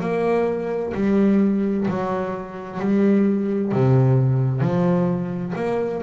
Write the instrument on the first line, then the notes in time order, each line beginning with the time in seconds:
double bass
0.00 A#3
0.94 G3
1.88 F#3
2.79 G3
3.72 C3
4.61 F3
5.56 A#3